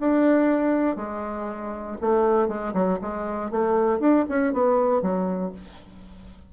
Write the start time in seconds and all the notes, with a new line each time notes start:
0.00 D4
0.97 G#3
2.01 A3
2.48 G#3
2.74 F#3
3.02 G#3
3.52 A3
4.00 D4
4.29 C#4
4.53 B3
5.02 F#3